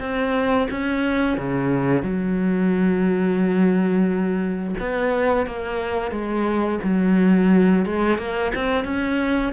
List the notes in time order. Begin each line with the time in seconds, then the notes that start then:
0.00 C4
0.70 C#4
1.38 C#3
2.02 F#3
4.80 B3
5.47 A#3
6.11 G#3
6.84 F#3
7.86 G#3
8.18 A#3
8.55 C4
8.85 C#4